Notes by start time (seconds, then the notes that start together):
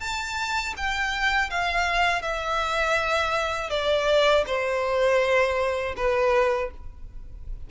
0.00 A5
0.76 G5
1.50 F5
2.22 E5
3.70 D5
4.46 C5
5.96 B4